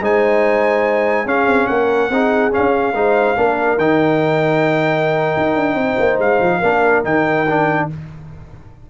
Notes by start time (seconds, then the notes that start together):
0.00 G#3 D#4 C5 G#5
1.26 C#4 G#4 F5
1.47 C4
1.67 A#3 A#4 F#5
2.10 C4 D#4 G#4
2.51 C#4 F5
2.57 C#4
2.94 G#3 D#4 C5
3.36 A#3 D4 A#4
3.77 D#3 D#4 G5
5.37 D#4
5.55 D4
5.75 C4
5.81 C5
6.00 A#3
6.18 G#3 F5
6.41 F3
6.59 A#3 D4 A#4
7.04 D#3 D#4 G5
7.48 D4